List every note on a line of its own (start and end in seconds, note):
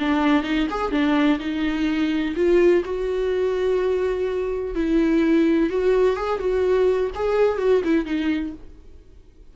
0.00 0.44 D4
0.44 0.68 D#4
0.71 0.92 G#4
0.92 1.40 D4
1.40 2.35 D#4
2.36 2.84 F4
2.85 4.75 F#4
4.75 5.70 E4
5.70 6.16 F#4
6.16 6.40 G#4
6.40 7.11 F#4
7.15 7.59 G#4
7.59 7.82 F#4
7.85 8.06 E4
8.06 8.53 D#4